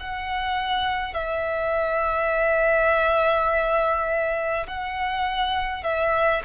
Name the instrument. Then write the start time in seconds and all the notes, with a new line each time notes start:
violin
0.00 F#5
1.14 E5
4.67 F#5
5.83 E5